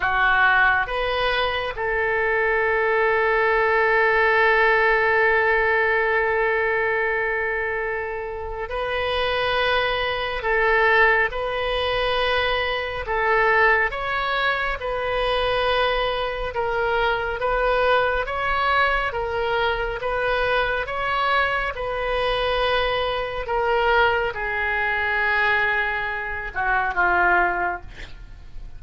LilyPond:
\new Staff \with { instrumentName = "oboe" } { \time 4/4 \tempo 4 = 69 fis'4 b'4 a'2~ | a'1~ | a'2 b'2 | a'4 b'2 a'4 |
cis''4 b'2 ais'4 | b'4 cis''4 ais'4 b'4 | cis''4 b'2 ais'4 | gis'2~ gis'8 fis'8 f'4 | }